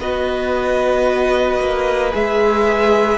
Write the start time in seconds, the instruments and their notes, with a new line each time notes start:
0.00 cello B3, viola F#4, violin B4 D#5
1.59 cello A#3
2.11 cello G#3, viola G#4, violin E5